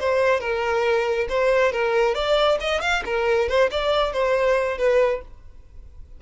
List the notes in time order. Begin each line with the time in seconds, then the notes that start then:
0.00 C5
0.41 A#4
1.29 C5
1.72 A#4
2.15 D5
2.61 D#5
2.81 F5
3.06 A#4
3.49 C5
3.71 D5
4.13 C5
4.78 B4